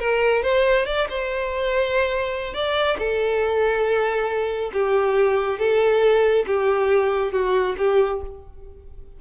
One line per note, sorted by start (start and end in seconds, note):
0.00 0.43 A#4
0.43 0.86 C5
0.86 1.08 D5
1.10 2.54 C5
2.54 2.98 D5
2.99 4.72 A4
4.73 5.59 G4
5.59 6.46 A4
6.47 7.33 G4
7.33 7.76 F#4
7.78 8.22 G4